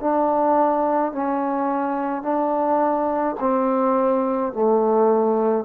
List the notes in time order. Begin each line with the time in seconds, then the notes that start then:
0.00 D4
1.12 C#4
2.22 D4
3.40 C4
4.53 A3